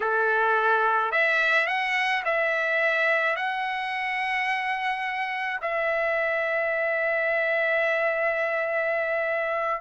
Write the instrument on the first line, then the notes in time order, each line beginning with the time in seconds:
trumpet
0.00 A4
1.11 E5
1.67 F#5
2.25 E5
3.35 F#5
5.61 E5